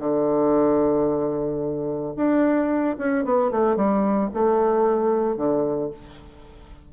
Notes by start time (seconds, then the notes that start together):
0.00 D3
2.16 D4
2.99 C#4
3.25 B3
3.51 A3
3.77 G3
4.34 A3
5.37 D3